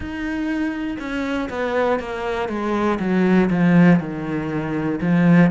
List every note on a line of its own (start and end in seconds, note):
0.00 0.97 D#4
0.99 1.49 C#4
1.50 1.99 B3
1.99 2.49 A#3
2.49 2.99 G#3
2.99 3.49 F#3
3.50 3.99 F3
3.99 4.99 D#3
5.01 5.50 F3